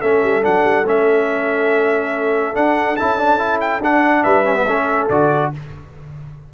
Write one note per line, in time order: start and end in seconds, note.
0.00 0.22 A3
0.00 0.42 C#4
0.00 4.22 A4
0.00 0.43 E5
0.22 0.43 G3
0.42 0.63 F#3
0.42 0.84 D4
0.42 0.86 F#5
0.63 0.85 G3
0.86 2.55 A3
0.86 2.53 C#4
0.86 2.56 E5
2.53 2.96 D4
2.53 2.98 D4
2.53 2.96 F#5
2.96 3.80 C#4
2.96 3.18 E4
2.96 3.59 A5
3.18 3.38 D4
3.38 3.80 E4
3.60 3.81 G5
3.80 4.22 D4
3.80 4.44 D4
3.80 4.23 F#5
4.22 4.65 G3
4.22 4.65 B4
4.22 5.08 E5
4.44 4.54 C#4
4.54 4.65 B3
4.65 5.07 A3
4.65 5.10 C#4
4.65 5.51 A4
5.09 5.51 D3
5.09 5.53 F#4
5.09 5.51 D5